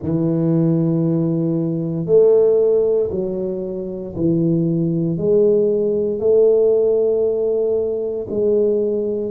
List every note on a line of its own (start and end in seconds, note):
0.02 2.05 E3
2.05 3.09 A3
3.11 4.14 F#3
4.16 5.17 E3
5.17 6.19 G#3
6.19 8.26 A3
8.29 9.31 G#3